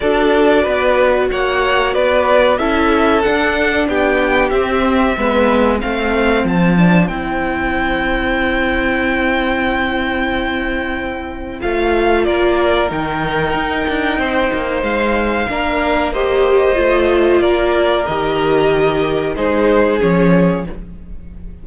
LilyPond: <<
  \new Staff \with { instrumentName = "violin" } { \time 4/4 \tempo 4 = 93 d''2 fis''4 d''4 | e''4 fis''4 g''4 e''4~ | e''4 f''4 a''4 g''4~ | g''1~ |
g''2 f''4 d''4 | g''2. f''4~ | f''4 dis''2 d''4 | dis''2 c''4 cis''4 | }
  \new Staff \with { instrumentName = "violin" } { \time 4/4 a'4 b'4 cis''4 b'4 | a'2 g'2 | b'4 c''2.~ | c''1~ |
c''2. ais'4~ | ais'2 c''2 | ais'4 c''2 ais'4~ | ais'2 gis'2 | }
  \new Staff \with { instrumentName = "viola" } { \time 4/4 fis'1 | e'4 d'2 c'4 | b4 c'4. d'8 e'4~ | e'1~ |
e'2 f'2 | dis'1 | d'4 g'4 f'2 | g'2 dis'4 cis'4 | }
  \new Staff \with { instrumentName = "cello" } { \time 4/4 d'4 b4 ais4 b4 | cis'4 d'4 b4 c'4 | gis4 a4 f4 c'4~ | c'1~ |
c'2 a4 ais4 | dis4 dis'8 d'8 c'8 ais8 gis4 | ais2 a4 ais4 | dis2 gis4 f4 | }
>>